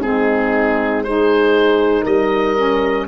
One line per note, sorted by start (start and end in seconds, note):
0.00 2.03 G#3
0.00 1.05 C4
0.00 1.04 D#4
0.00 1.03 G#4
1.03 2.57 D#4
1.03 2.03 G#4
1.03 2.05 C5
2.03 3.08 G3
2.03 3.05 A#4
2.03 3.07 D#5
2.57 3.07 C#4